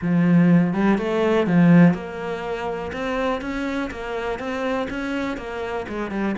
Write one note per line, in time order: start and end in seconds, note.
0.01 0.73 F3
0.73 0.98 G3
0.98 1.46 A3
1.46 1.94 F3
1.94 2.91 A#3
2.92 3.41 C4
3.41 3.90 C#4
3.90 4.39 A#3
4.39 4.87 C4
4.90 5.37 C#4
5.37 5.85 A#3
5.88 6.11 G#3
6.11 6.35 G3